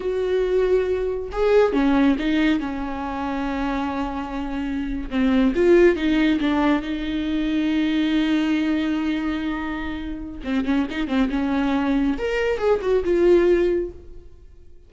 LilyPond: \new Staff \with { instrumentName = "viola" } { \time 4/4 \tempo 4 = 138 fis'2. gis'4 | cis'4 dis'4 cis'2~ | cis'2.~ cis'8. c'16~ | c'8. f'4 dis'4 d'4 dis'16~ |
dis'1~ | dis'1 | c'8 cis'8 dis'8 c'8 cis'2 | ais'4 gis'8 fis'8 f'2 | }